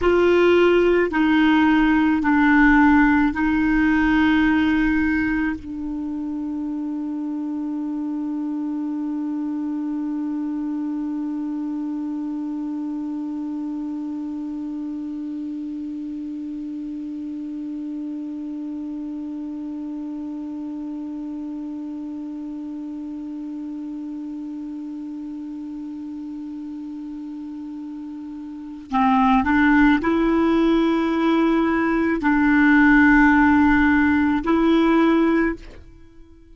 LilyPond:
\new Staff \with { instrumentName = "clarinet" } { \time 4/4 \tempo 4 = 54 f'4 dis'4 d'4 dis'4~ | dis'4 d'2.~ | d'1~ | d'1~ |
d'1~ | d'1~ | d'2 c'8 d'8 e'4~ | e'4 d'2 e'4 | }